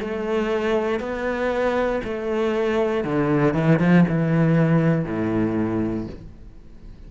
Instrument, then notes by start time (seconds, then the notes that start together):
cello
0.00 A3
1.00 B3
2.04 A3
3.04 D3
3.54 E3
3.80 F3
4.09 E3
5.05 A2